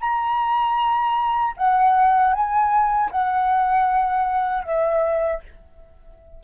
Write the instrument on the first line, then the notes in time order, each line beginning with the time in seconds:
flute
0.00 A#5
1.57 F#5
2.33 G#5
3.11 F#5
4.63 E5